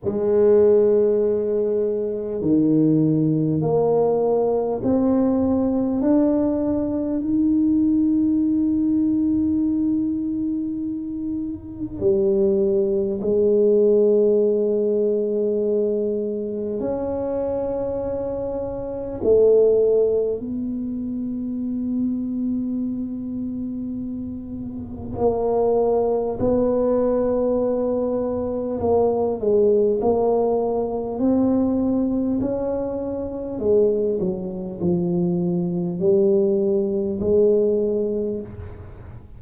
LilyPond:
\new Staff \with { instrumentName = "tuba" } { \time 4/4 \tempo 4 = 50 gis2 dis4 ais4 | c'4 d'4 dis'2~ | dis'2 g4 gis4~ | gis2 cis'2 |
a4 b2.~ | b4 ais4 b2 | ais8 gis8 ais4 c'4 cis'4 | gis8 fis8 f4 g4 gis4 | }